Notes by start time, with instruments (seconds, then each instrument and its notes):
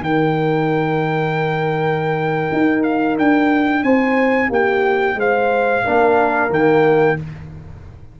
0.00 tuba D#3, trombone D#4, horn A#4, trumpet G5
2.52 tuba D#4
2.83 trumpet F5
3.18 tuba D4, trumpet G5
3.83 tuba C4, horn C5, trumpet G#5
4.48 tuba A#3, horn G4, trumpet G5
5.15 tuba G#3, horn C5, trumpet F5
5.84 tuba A#3, trombone D4, horn A#4
6.49 tuba D#3, trombone A#3, trumpet G5